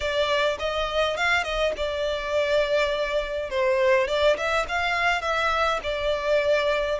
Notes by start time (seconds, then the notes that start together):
0.00 D5
0.59 D#5
1.16 F5
1.43 D#5
1.77 D5
3.50 C5
4.07 D5
4.37 E5
4.68 F5
5.21 E5
5.83 D5